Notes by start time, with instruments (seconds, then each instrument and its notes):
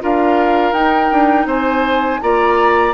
0.00 bassoon D4, clarinet F4, oboe A#4, flute F5
0.72 bassoon D#4, clarinet D#4, flute G5
1.11 bassoon D4
1.45 bassoon C4, oboe C5, flute G#5
2.21 bassoon A#3, clarinet F4, oboe D5, flute A#5